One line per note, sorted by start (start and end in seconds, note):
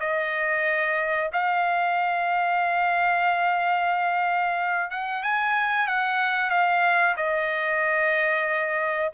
0.00 1.30 D#5
1.33 4.91 F5
4.91 5.23 F#5
5.23 5.88 G#5
5.88 6.50 F#5
6.50 7.16 F5
7.17 9.12 D#5